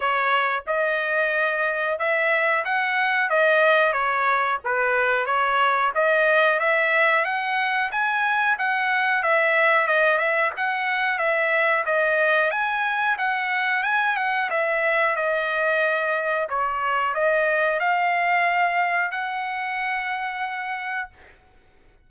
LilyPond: \new Staff \with { instrumentName = "trumpet" } { \time 4/4 \tempo 4 = 91 cis''4 dis''2 e''4 | fis''4 dis''4 cis''4 b'4 | cis''4 dis''4 e''4 fis''4 | gis''4 fis''4 e''4 dis''8 e''8 |
fis''4 e''4 dis''4 gis''4 | fis''4 gis''8 fis''8 e''4 dis''4~ | dis''4 cis''4 dis''4 f''4~ | f''4 fis''2. | }